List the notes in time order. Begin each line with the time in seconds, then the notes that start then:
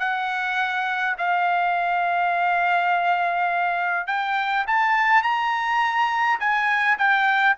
0.00 F#5
1.18 F5
4.07 G5
4.68 A5
5.23 A#5
6.40 G#5
6.98 G5